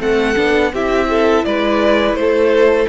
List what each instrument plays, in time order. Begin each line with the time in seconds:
0.00 cello A3, viola C4, violin A4 F#5
0.36 cello B3, viola D4
0.73 cello C4, viola E4, violin G4 E5
1.10 violin A4
1.45 cello G#3, violin B4 D5
2.14 cello A3, violin C5
2.20 violin A4